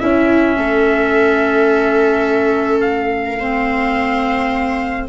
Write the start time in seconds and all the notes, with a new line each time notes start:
0.00 C#4 E4 E5
0.57 A3 A4
2.81 F5
3.27 A#4
3.40 C4 C5